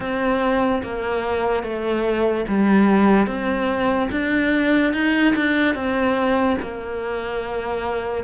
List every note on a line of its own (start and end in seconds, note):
0.00 0.82 C4
0.83 1.63 A#3
1.63 2.45 A3
2.48 3.27 G3
3.27 4.09 C4
4.11 4.93 D4
4.93 5.34 D#4
5.35 5.74 D4
5.74 6.56 C4
6.61 8.24 A#3